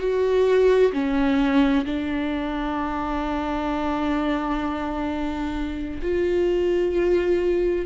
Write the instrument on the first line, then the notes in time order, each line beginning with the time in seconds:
viola
0.00 F#4
0.93 C#4
1.85 D4
6.02 F4